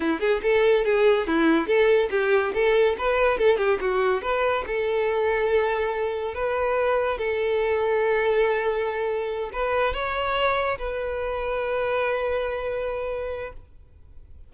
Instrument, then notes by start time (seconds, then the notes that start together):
violin
0.00 E4
0.20 G#4
0.42 A4
0.85 G#4
1.27 E4
1.67 A4
2.10 G4
2.54 A4
2.98 B4
3.37 A4
3.57 G4
3.80 F#4
4.22 B4
4.66 A4
6.34 B4
7.18 A4
9.53 B4
9.93 C#5
10.78 B4